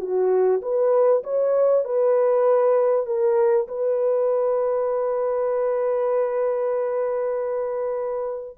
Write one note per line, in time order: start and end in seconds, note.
0.00 0.61 F#4
0.62 1.23 B4
1.23 1.84 C#5
1.85 3.06 B4
3.06 3.67 A#4
3.68 8.57 B4